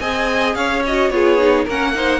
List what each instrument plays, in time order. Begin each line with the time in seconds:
0.00 cello C4, viola G#4, violin D#5 G#5
0.55 cello C#4, violin C#5 F5
0.86 viola F#4, violin D#5
1.10 cello B3, viola F4, violin G#4 C#5
1.38 viola D#4
1.65 cello A#3, viola C#4, violin A#4 F#5
1.94 viola D#4, violin C5